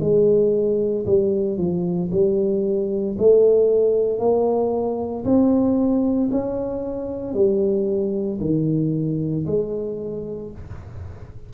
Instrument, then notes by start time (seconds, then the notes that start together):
tuba
0.00 G#3
1.06 G3
1.57 F3
2.11 G3
3.18 A3
4.19 A#3
5.24 C4
6.31 C#4
7.33 G3
8.40 D#3
9.46 G#3